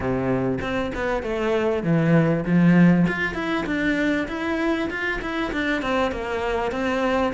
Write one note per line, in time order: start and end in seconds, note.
0.00 0.58 C3
0.61 0.91 C4
0.94 1.22 B3
1.22 1.83 A3
1.83 2.44 E3
2.45 3.06 F3
3.07 3.34 F4
3.34 3.65 E4
3.66 4.27 D4
4.28 4.89 E4
4.90 5.20 F4
5.21 5.52 E4
5.52 5.82 D4
5.82 6.11 C4
6.11 6.71 A#3
6.71 7.32 C4